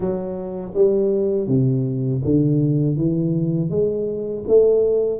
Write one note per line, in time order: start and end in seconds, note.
0.00 0.72 F#3
0.74 1.47 G3
1.47 2.21 C3
2.24 2.96 D3
2.96 3.69 E3
3.69 4.43 G#3
4.47 5.20 A3